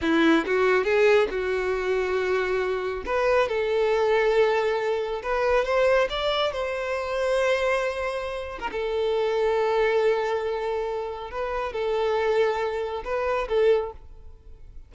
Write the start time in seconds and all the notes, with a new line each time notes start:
0.01 E4
0.45 F#4
0.84 G#4
1.30 F#4
3.05 B4
3.48 A4
5.22 B4
5.64 C5
6.09 D5
6.52 C5
8.59 A#4
8.71 A4
11.30 B4
11.72 A4
13.04 B4
13.48 A4